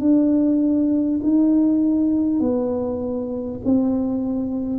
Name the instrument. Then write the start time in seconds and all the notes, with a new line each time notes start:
tuba
0.00 D4
1.23 D#4
2.41 B3
3.65 C4